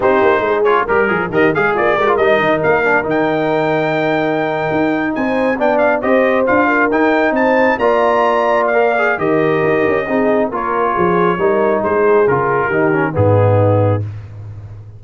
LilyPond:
<<
  \new Staff \with { instrumentName = "trumpet" } { \time 4/4 \tempo 4 = 137 c''4. cis''8 ais'4 dis''8 f''8 | d''4 dis''4 f''4 g''4~ | g''2.~ g''8. gis''16~ | gis''8. g''8 f''8 dis''4 f''4 g''16~ |
g''8. a''4 ais''2 f''16~ | f''4 dis''2. | cis''2. c''4 | ais'2 gis'2 | }
  \new Staff \with { instrumentName = "horn" } { \time 4/4 g'4 gis'4 ais'8 gis'8 g'8 gis'8 | f'8 ais'2.~ ais'8~ | ais'2.~ ais'8. c''16~ | c''8. d''4 c''4. ais'8.~ |
ais'8. c''4 d''2~ d''16~ | d''4 ais'2 gis'4 | ais'4 gis'4 ais'4 gis'4~ | gis'4 g'4 dis'2 | }
  \new Staff \with { instrumentName = "trombone" } { \time 4/4 dis'4. f'8 g'8 gis'8 ais'8 gis'8~ | gis'8 g'16 f'16 dis'4. d'8 dis'4~ | dis'1~ | dis'8. d'4 g'4 f'4 dis'16~ |
dis'4.~ dis'16 f'2~ f'16 | ais'8 gis'8 g'2 dis'4 | f'2 dis'2 | f'4 dis'8 cis'8 b2 | }
  \new Staff \with { instrumentName = "tuba" } { \time 4/4 c'8 ais8 gis4 g8 f8 dis8 gis8 | ais8 gis8 g8 dis8 ais4 dis4~ | dis2~ dis8. dis'4 c'16~ | c'8. b4 c'4 d'4 dis'16~ |
dis'8. c'4 ais2~ ais16~ | ais4 dis4 dis'8 cis'8 c'4 | ais4 f4 g4 gis4 | cis4 dis4 gis,2 | }
>>